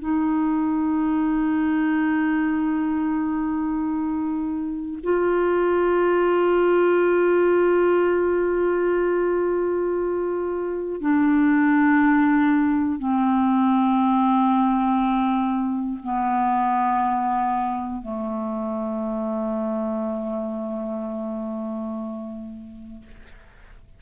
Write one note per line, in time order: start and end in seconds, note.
0.00 5.00 D#4
5.04 11.01 F4
11.01 12.99 D4
12.99 15.99 C4
16.04 18.02 B3
18.02 23.02 A3